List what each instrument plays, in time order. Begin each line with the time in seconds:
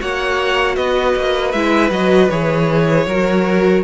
0.00 cello A#3, viola F#4, violin C#5 F#5
0.75 cello B3, violin B4 D#5
1.16 cello A#3
1.51 cello G#3, viola E4, violin E5
1.90 cello F#3, viola F#4, violin D#5
2.29 cello E3, viola G#4, violin C#5
3.06 cello F#3, viola F#4, violin A#4